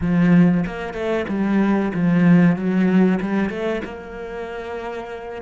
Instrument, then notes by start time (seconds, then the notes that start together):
cello
0.00 F3
0.66 A#3
0.93 A3
1.28 G3
1.94 F3
2.55 F#3
3.20 G3
3.49 A3
3.84 A#3